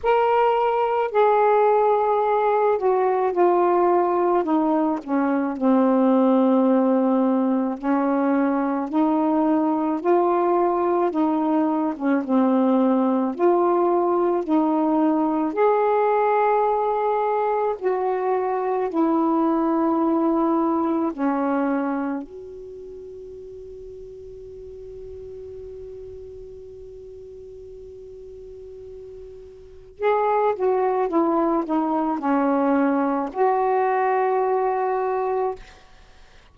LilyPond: \new Staff \with { instrumentName = "saxophone" } { \time 4/4 \tempo 4 = 54 ais'4 gis'4. fis'8 f'4 | dis'8 cis'8 c'2 cis'4 | dis'4 f'4 dis'8. cis'16 c'4 | f'4 dis'4 gis'2 |
fis'4 e'2 cis'4 | fis'1~ | fis'2. gis'8 fis'8 | e'8 dis'8 cis'4 fis'2 | }